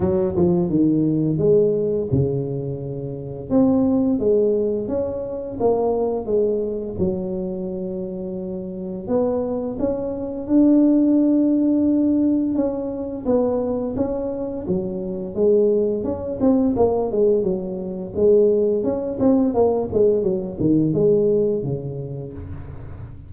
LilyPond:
\new Staff \with { instrumentName = "tuba" } { \time 4/4 \tempo 4 = 86 fis8 f8 dis4 gis4 cis4~ | cis4 c'4 gis4 cis'4 | ais4 gis4 fis2~ | fis4 b4 cis'4 d'4~ |
d'2 cis'4 b4 | cis'4 fis4 gis4 cis'8 c'8 | ais8 gis8 fis4 gis4 cis'8 c'8 | ais8 gis8 fis8 dis8 gis4 cis4 | }